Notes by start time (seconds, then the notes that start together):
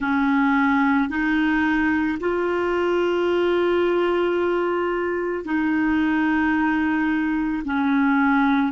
0.00 C#4
1.09 D#4
2.20 F4
5.44 D#4
7.65 C#4